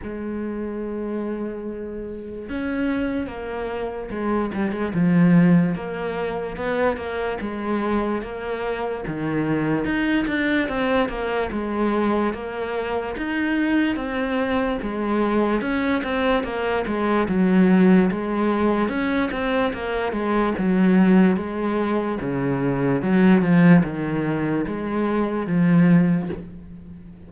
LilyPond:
\new Staff \with { instrumentName = "cello" } { \time 4/4 \tempo 4 = 73 gis2. cis'4 | ais4 gis8 g16 gis16 f4 ais4 | b8 ais8 gis4 ais4 dis4 | dis'8 d'8 c'8 ais8 gis4 ais4 |
dis'4 c'4 gis4 cis'8 c'8 | ais8 gis8 fis4 gis4 cis'8 c'8 | ais8 gis8 fis4 gis4 cis4 | fis8 f8 dis4 gis4 f4 | }